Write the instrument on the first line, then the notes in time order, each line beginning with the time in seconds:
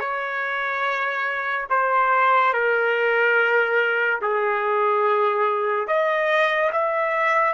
trumpet
0.00 C#5
1.70 C5
2.53 A#4
4.22 G#4
5.87 D#5
6.72 E5